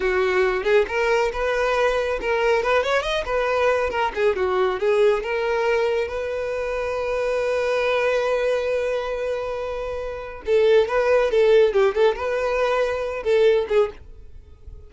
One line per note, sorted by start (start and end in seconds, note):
0.00 0.63 F#4
0.63 0.85 G#4
0.88 1.31 A#4
1.32 2.19 B4
2.21 2.63 A#4
2.63 2.83 B4
2.83 3.02 C#5
3.02 3.24 D#5
3.25 3.90 B4
3.90 4.11 A#4
4.14 4.36 G#4
4.36 4.79 F#4
4.79 5.23 G#4
5.23 6.08 A#4
6.08 10.42 B4
10.46 10.88 A4
10.88 11.30 B4
11.30 11.73 A4
11.73 11.94 G4
11.95 12.15 A4
12.15 13.23 B4
13.23 13.66 A4
13.68 13.90 G#4